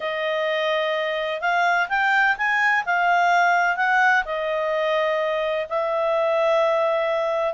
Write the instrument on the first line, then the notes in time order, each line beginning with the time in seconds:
clarinet
0.00 D#5
1.40 F5
1.89 G5
2.37 G#5
2.85 F5
3.76 F#5
4.25 D#5
5.69 E5